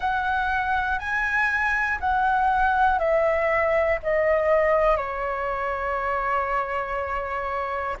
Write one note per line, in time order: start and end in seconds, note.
0.00 0.98 F#5
0.98 1.98 G#5
2.00 2.99 F#5
2.99 3.99 E5
4.02 4.96 D#5
4.96 7.96 C#5